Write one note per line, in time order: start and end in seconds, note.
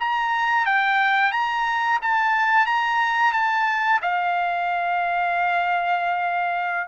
0.00 0.66 A#5
0.66 1.32 G5
1.32 1.99 A#5
2.02 2.66 A5
2.66 3.33 A#5
3.33 4.00 A5
4.02 6.88 F5